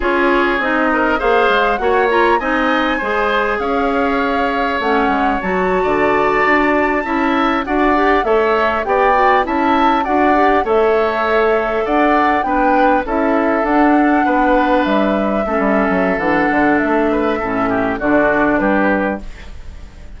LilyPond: <<
  \new Staff \with { instrumentName = "flute" } { \time 4/4 \tempo 4 = 100 cis''4 dis''4 f''4 fis''8 ais''8 | gis''2 f''2 | fis''4 a''2.~ | a''8. fis''4 e''4 g''4 a''16~ |
a''8. fis''4 e''2 fis''16~ | fis''8. g''4 e''4 fis''4~ fis''16~ | fis''8. e''2~ e''16 fis''4 | e''2 d''4 b'4 | }
  \new Staff \with { instrumentName = "oboe" } { \time 4/4 gis'4. ais'8 c''4 cis''4 | dis''4 c''4 cis''2~ | cis''4.~ cis''16 d''2 e''16~ | e''8. d''4 cis''4 d''4 e''16~ |
e''8. d''4 cis''2 d''16~ | d''8. b'4 a'2 b'16~ | b'4.~ b'16 a'2~ a'16~ | a'8 b'8 a'8 g'8 fis'4 g'4 | }
  \new Staff \with { instrumentName = "clarinet" } { \time 4/4 f'4 dis'4 gis'4 fis'8 f'8 | dis'4 gis'2. | cis'4 fis'2~ fis'8. e'16~ | e'8. fis'8 g'8 a'4 g'8 fis'8 e'16~ |
e'8. fis'8 g'8 a'2~ a'16~ | a'8. d'4 e'4 d'4~ d'16~ | d'4.~ d'16 cis'4~ cis'16 d'4~ | d'4 cis'4 d'2 | }
  \new Staff \with { instrumentName = "bassoon" } { \time 4/4 cis'4 c'4 ais8 gis8 ais4 | c'4 gis4 cis'2 | a8 gis8 fis8. d4 d'4 cis'16~ | cis'8. d'4 a4 b4 cis'16~ |
cis'8. d'4 a2 d'16~ | d'8. b4 cis'4 d'4 b16~ | b8. g4 a16 g8 fis8 e8 d8 | a4 a,4 d4 g4 | }
>>